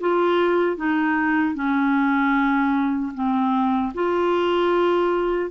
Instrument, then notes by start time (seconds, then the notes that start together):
clarinet
0.00 F4
0.76 D#4
1.54 C#4
3.14 C4
3.94 F4